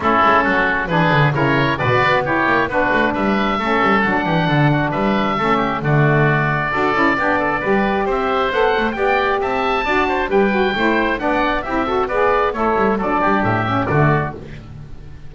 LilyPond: <<
  \new Staff \with { instrumentName = "oboe" } { \time 4/4 \tempo 4 = 134 a'2 b'4 cis''4 | d''4 cis''4 b'4 e''4~ | e''4 fis''2 e''4~ | e''4 d''2.~ |
d''2 e''4 fis''4 | g''4 a''2 g''4~ | g''4 fis''4 e''4 d''4 | cis''4 d''4 e''4 d''4 | }
  \new Staff \with { instrumentName = "oboe" } { \time 4/4 e'4 fis'4 gis'4 ais'4 | b'4 g'4 fis'4 b'4 | a'4. g'8 a'8 fis'8 b'4 | a'8 g'8 fis'2 a'4 |
g'8 a'8 b'4 c''2 | d''4 e''4 d''8 c''8 b'4 | c''4 d''4 g'8 a'8 b'4 | e'4 a'8 g'4. fis'4 | }
  \new Staff \with { instrumentName = "saxophone" } { \time 4/4 cis'2 d'4 e'4 | fis'4 e'4 d'2 | cis'4 d'2. | cis'4 a2 fis'8 e'8 |
d'4 g'2 a'4 | g'2 fis'4 g'8 fis'8 | e'4 d'4 e'8 fis'8 gis'4 | a'4 d'4. cis'8 a4 | }
  \new Staff \with { instrumentName = "double bass" } { \time 4/4 a8 gis8 fis4 e8 d8 cis4 | b,8 b4 ais8 b8 a8 g4 | a8 g8 fis8 e8 d4 g4 | a4 d2 d'8 cis'8 |
b4 g4 c'4 b8 a8 | b4 c'4 d'4 g4 | a4 b4 c'4 b4 | a8 g8 fis8 g8 a,4 d4 | }
>>